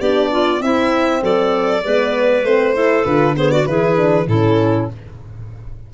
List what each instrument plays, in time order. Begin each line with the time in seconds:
0.00 tuba B3, horn D4, clarinet G4, violin D5
0.32 clarinet F4
0.60 horn C4, tuba C4, clarinet E4, violin E5
1.22 tuba F#3, clarinet A4, violin D5
1.84 tuba G#3, horn B3, clarinet B4
2.44 tuba A3, horn C4, violin C5
2.75 horn E4, clarinet A4
3.05 tuba D3, horn F4, violin B4
3.36 horn B3, clarinet G#4, violin C5
3.51 clarinet F#4, violin D5
3.66 tuba E3, horn E4, clarinet G#4, violin B4
3.97 horn D4
4.27 tuba A2, horn C#4, clarinet E4, violin A4